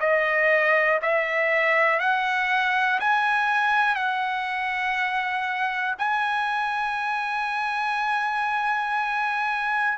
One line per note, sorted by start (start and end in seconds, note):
0.00 1.00 D#5
1.02 2.00 E5
2.00 3.00 F#5
3.00 3.95 G#5
3.95 5.95 F#5
5.98 9.98 G#5